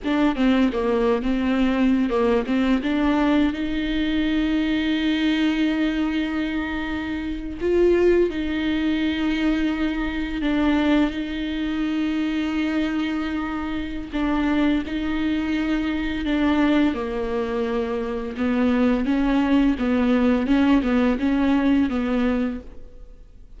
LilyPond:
\new Staff \with { instrumentName = "viola" } { \time 4/4 \tempo 4 = 85 d'8 c'8 ais8. c'4~ c'16 ais8 c'8 | d'4 dis'2.~ | dis'2~ dis'8. f'4 dis'16~ | dis'2~ dis'8. d'4 dis'16~ |
dis'1 | d'4 dis'2 d'4 | ais2 b4 cis'4 | b4 cis'8 b8 cis'4 b4 | }